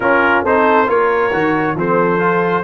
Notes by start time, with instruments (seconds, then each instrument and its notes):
0.00 tuba C#4, trombone C#4, horn F4, trumpet A#4
0.43 tuba C4, trombone D#4, horn A4, trumpet C5
0.86 tuba A#3, trombone F4, horn A#4, trumpet C#5
1.33 tuba D#3, trombone F#4
1.75 tuba F3, trombone C4, horn A4, trumpet C5
2.18 trombone F4